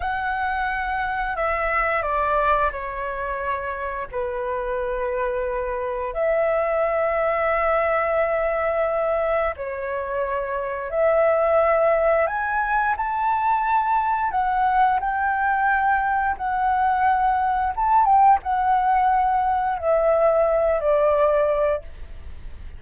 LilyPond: \new Staff \with { instrumentName = "flute" } { \time 4/4 \tempo 4 = 88 fis''2 e''4 d''4 | cis''2 b'2~ | b'4 e''2.~ | e''2 cis''2 |
e''2 gis''4 a''4~ | a''4 fis''4 g''2 | fis''2 a''8 g''8 fis''4~ | fis''4 e''4. d''4. | }